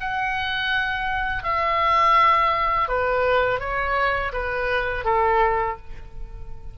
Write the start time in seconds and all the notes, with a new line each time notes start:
0.00 F#5
1.43 E5
2.88 B4
3.59 C#5
4.32 B4
5.04 A4